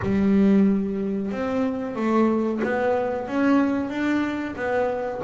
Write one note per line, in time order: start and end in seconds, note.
0.01 1.31 G3
1.31 1.95 C4
1.95 2.61 A3
2.63 3.27 B3
3.27 3.89 C#4
3.89 4.54 D4
4.55 5.20 B3